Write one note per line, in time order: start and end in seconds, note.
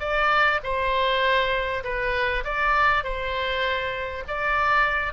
0.00 0.60 D5
0.64 1.84 C5
1.84 2.44 B4
2.45 3.04 D5
3.04 4.24 C5
4.28 5.14 D5